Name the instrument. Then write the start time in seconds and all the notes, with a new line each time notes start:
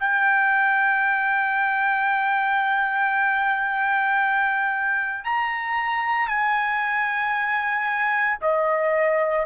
trumpet
0.00 G5
5.25 A#5
6.28 G#5
8.41 D#5